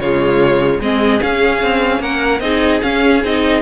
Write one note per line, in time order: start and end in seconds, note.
0.00 0.80 C#3
0.00 0.81 G#3
0.00 0.81 F4
0.00 0.81 C#5
0.80 1.20 G#3
0.80 1.20 C4
0.80 2.02 G#4
0.80 1.22 D#5
1.20 2.41 C#4
1.20 1.63 C#4
1.20 2.02 F5
1.63 2.00 C4
2.00 2.41 A#3
2.00 2.42 A#4
2.00 2.40 F#5
2.40 2.81 C4
2.40 2.82 D#4
2.40 3.62 G#4
2.40 2.80 D#5
2.82 3.22 C#4
2.82 3.24 C#4
2.82 3.23 F5
3.24 3.62 C4
3.24 3.62 D#4
3.24 3.62 D#5